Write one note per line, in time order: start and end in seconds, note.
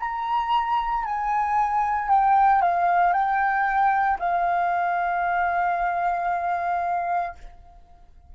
0.00 1.05 A#5
1.05 2.09 G#5
2.09 2.62 G5
2.62 3.13 F5
3.13 4.18 G5
4.19 7.35 F5